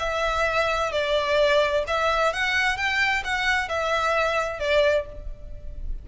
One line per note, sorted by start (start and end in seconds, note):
0.00 0.92 E5
0.92 1.85 D5
1.88 2.33 E5
2.33 2.77 F#5
2.77 3.23 G5
3.25 3.69 F#5
3.69 4.60 E5
4.60 5.06 D5